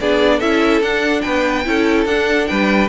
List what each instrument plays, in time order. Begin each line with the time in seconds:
0.00 cello B3, viola D4, violin G#4 D5
0.39 cello C#4, viola E4, violin A4 E5
0.81 cello D4, viola D4, violin F#5
1.21 cello B3, violin B4 G5
1.64 cello C#4, viola E4, violin A4
2.05 cello D4, viola D4, violin F#5
2.47 cello G3, violin B4 G5